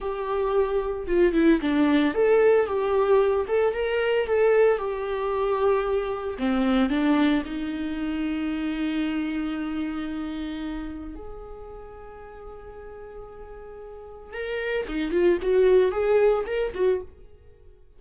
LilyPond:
\new Staff \with { instrumentName = "viola" } { \time 4/4 \tempo 4 = 113 g'2 f'8 e'8 d'4 | a'4 g'4. a'8 ais'4 | a'4 g'2. | c'4 d'4 dis'2~ |
dis'1~ | dis'4 gis'2.~ | gis'2. ais'4 | dis'8 f'8 fis'4 gis'4 ais'8 fis'8 | }